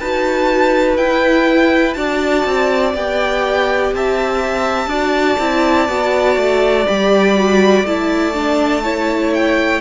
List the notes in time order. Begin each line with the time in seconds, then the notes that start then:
0.00 D#4 F#4 B4 A5
0.97 E4 G5
1.94 D4 F#4 D5 A5
2.46 C4
2.94 B3 G4 G5
3.93 C4 E5 A5
4.87 D4 F#4 D5
5.40 C4 E4
5.89 B3 F#4
6.37 A3
6.87 G3 G4 B5
7.36 F#4
7.84 A3 E4 A5
8.34 D4
8.84 E4 C#5
9.35 G5